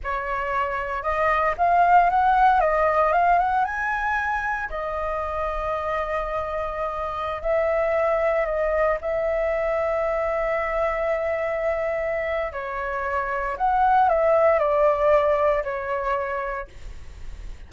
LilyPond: \new Staff \with { instrumentName = "flute" } { \time 4/4 \tempo 4 = 115 cis''2 dis''4 f''4 | fis''4 dis''4 f''8 fis''8 gis''4~ | gis''4 dis''2.~ | dis''2~ dis''16 e''4.~ e''16~ |
e''16 dis''4 e''2~ e''8.~ | e''1 | cis''2 fis''4 e''4 | d''2 cis''2 | }